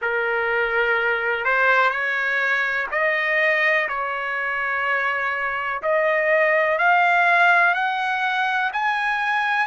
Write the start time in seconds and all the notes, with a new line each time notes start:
0.01 A#4
1.45 C5
1.90 C#5
2.91 D#5
3.88 C#5
5.82 D#5
6.78 F5
7.74 F#5
8.72 G#5